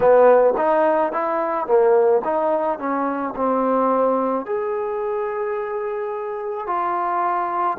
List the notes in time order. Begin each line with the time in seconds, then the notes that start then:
0.00 B3
0.57 D#4
1.12 E4
1.66 A#3
2.24 D#4
2.78 C#4
3.35 C4
4.45 G#4
6.66 F4